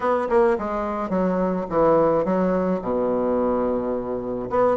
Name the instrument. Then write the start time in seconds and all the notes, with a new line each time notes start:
bassoon
0.00 B3
0.29 A#3
0.58 G#3
1.09 F#3
1.69 E3
2.24 F#3
2.81 B2
4.50 B3